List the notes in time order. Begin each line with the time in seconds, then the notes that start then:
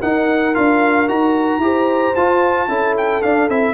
0.00 D#4 A#4 F#5
0.54 D4 F4 F5
1.08 D#4 F#4 A#5
1.59 E4 G4 C5
2.15 F4 A5
2.68 C#4 E4 A4
2.97 G5
3.22 D4 F5
3.49 C4 E4 E5